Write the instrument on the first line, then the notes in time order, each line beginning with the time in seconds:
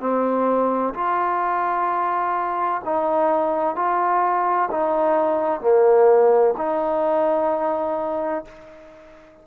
trombone
0.00 C4
0.94 F4
2.85 D#4
3.76 F4
4.71 D#4
5.61 A#3
6.58 D#4